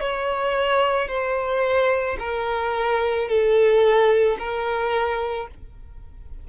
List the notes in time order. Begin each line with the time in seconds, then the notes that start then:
0.00 C#5
1.08 C5
2.19 A#4
3.28 A4
4.38 A#4